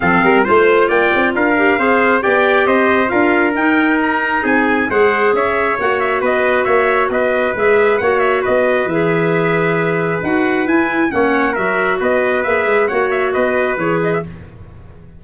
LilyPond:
<<
  \new Staff \with { instrumentName = "trumpet" } { \time 4/4 \tempo 4 = 135 f''4 c''4 g''4 f''4~ | f''4 g''4 dis''4 f''4 | g''4 ais''4 gis''4 fis''4 | e''4 fis''8 e''8 dis''4 e''4 |
dis''4 e''4 fis''8 e''8 dis''4 | e''2. fis''4 | gis''4 fis''4 e''4 dis''4 | e''4 fis''8 e''8 dis''4 cis''8 dis''16 e''16 | }
  \new Staff \with { instrumentName = "trumpet" } { \time 4/4 a'8 ais'8 c''4 d''4 ais'4 | c''4 d''4 c''4 ais'4~ | ais'2 gis'4 c''4 | cis''2 b'4 cis''4 |
b'2 cis''4 b'4~ | b'1~ | b'4 cis''4 ais'4 b'4~ | b'4 cis''4 b'2 | }
  \new Staff \with { instrumentName = "clarinet" } { \time 4/4 c'4 f'2~ f'8 g'8 | gis'4 g'2 f'4 | dis'2. gis'4~ | gis'4 fis'2.~ |
fis'4 gis'4 fis'2 | gis'2. fis'4 | e'4 cis'4 fis'2 | gis'4 fis'2 gis'4 | }
  \new Staff \with { instrumentName = "tuba" } { \time 4/4 f8 g8 a4 ais8 c'8 d'4 | c'4 b4 c'4 d'4 | dis'2 c'4 gis4 | cis'4 ais4 b4 ais4 |
b4 gis4 ais4 b4 | e2. dis'4 | e'4 ais4 fis4 b4 | ais8 gis8 ais4 b4 e4 | }
>>